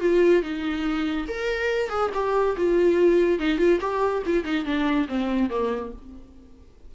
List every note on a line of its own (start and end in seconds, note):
0.00 0.42 F4
0.42 1.26 D#4
1.28 1.89 A#4
1.89 2.10 G#4
2.13 2.56 G4
2.56 3.39 F4
3.39 3.58 D#4
3.58 3.79 F4
3.80 4.22 G4
4.26 4.44 F4
4.44 4.64 D#4
4.64 5.07 D4
5.08 5.49 C4
5.49 5.92 A#3